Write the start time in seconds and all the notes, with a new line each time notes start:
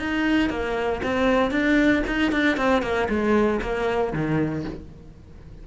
0.00 D#4
0.50 A#3
1.03 C4
1.51 D4
2.07 D#4
2.32 D4
2.57 C4
2.83 A#3
3.10 G#3
3.62 A#3
4.13 D#3